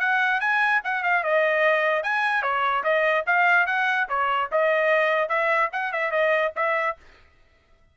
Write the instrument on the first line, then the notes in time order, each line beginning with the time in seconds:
trumpet
0.00 F#5
0.41 G#5
0.84 F#5
1.03 F5
1.24 D#5
2.04 G#5
2.43 C#5
2.84 D#5
3.27 F5
3.67 F#5
4.09 C#5
4.52 D#5
5.29 E5
5.73 F#5
5.93 E5
6.12 D#5
6.56 E5